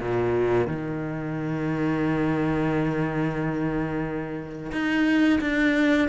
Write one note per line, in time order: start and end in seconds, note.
0.00 0.67 A#2
0.67 4.71 D#3
4.72 5.39 D#4
5.41 6.08 D4